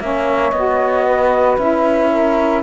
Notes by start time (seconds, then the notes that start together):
0.00 A#3 C#4 C#5 E5
0.51 B3 F#4 D#5
1.06 B4
1.58 C#4 E4 E5
2.10 A#4